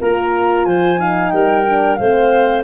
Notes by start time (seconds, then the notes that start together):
0.00 A#3 F4 A#4 A#5
0.65 F3 C5 G#5
0.98 D#4 F5
1.30 G3 A#4 G5
1.66 D4
1.96 A3 C4 C5 F5